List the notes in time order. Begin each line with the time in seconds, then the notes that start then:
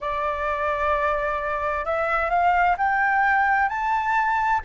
0.00 D5
1.85 E5
2.30 F5
2.77 G5
3.68 A5